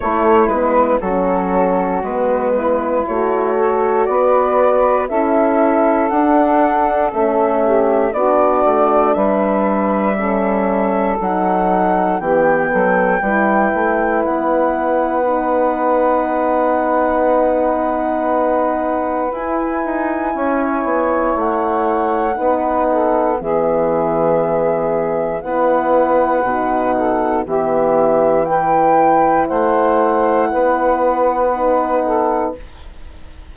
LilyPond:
<<
  \new Staff \with { instrumentName = "flute" } { \time 4/4 \tempo 4 = 59 cis''8 b'8 a'4 b'4 cis''4 | d''4 e''4 fis''4 e''4 | d''4 e''2 fis''4 | g''2 fis''2~ |
fis''2. gis''4~ | gis''4 fis''2 e''4~ | e''4 fis''2 e''4 | g''4 fis''2. | }
  \new Staff \with { instrumentName = "saxophone" } { \time 4/4 e'4 fis'4. e'4 a'8 | b'4 a'2~ a'8 g'8 | fis'4 b'4 a'2 | g'8 a'8 b'2.~ |
b'1 | cis''2 b'8 a'8 gis'4~ | gis'4 b'4. a'8 g'4 | b'4 c''4 b'4. a'8 | }
  \new Staff \with { instrumentName = "horn" } { \time 4/4 a8 b8 cis'4 b4 fis'4~ | fis'4 e'4 d'4 cis'4 | d'2 cis'4 dis'4 | b4 e'2 dis'4~ |
dis'2. e'4~ | e'2 dis'4 b4~ | b4 e'4 dis'4 b4 | e'2. dis'4 | }
  \new Staff \with { instrumentName = "bassoon" } { \time 4/4 a8 gis8 fis4 gis4 a4 | b4 cis'4 d'4 a4 | b8 a8 g2 fis4 | e8 fis8 g8 a8 b2~ |
b2. e'8 dis'8 | cis'8 b8 a4 b4 e4~ | e4 b4 b,4 e4~ | e4 a4 b2 | }
>>